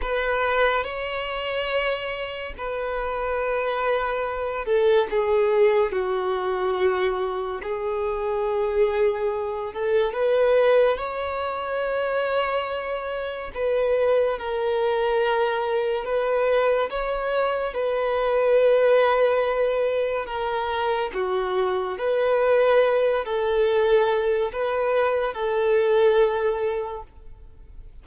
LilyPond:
\new Staff \with { instrumentName = "violin" } { \time 4/4 \tempo 4 = 71 b'4 cis''2 b'4~ | b'4. a'8 gis'4 fis'4~ | fis'4 gis'2~ gis'8 a'8 | b'4 cis''2. |
b'4 ais'2 b'4 | cis''4 b'2. | ais'4 fis'4 b'4. a'8~ | a'4 b'4 a'2 | }